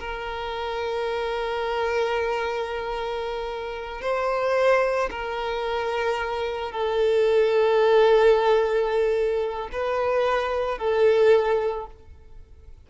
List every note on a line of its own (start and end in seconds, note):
0.00 4.02 A#4
4.02 5.10 C5
5.11 6.72 A#4
6.72 9.69 A4
9.72 10.79 B4
10.79 11.87 A4